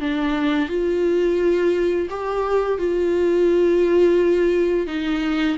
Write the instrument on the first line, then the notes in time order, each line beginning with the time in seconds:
viola
0.00 D4
0.68 F4
2.10 G4
2.78 F4
4.87 D#4